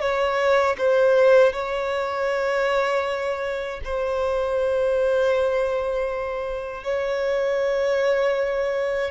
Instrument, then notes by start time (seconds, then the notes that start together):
violin
0.00 C#5
0.78 C5
1.53 C#5
3.85 C5
6.84 C#5